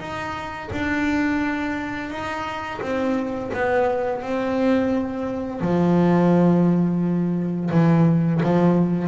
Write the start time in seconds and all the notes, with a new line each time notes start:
0.00 D#4
0.72 D4
2.11 D#4
2.82 C4
3.54 B3
4.22 C4
5.61 F3
7.71 E3
8.43 F3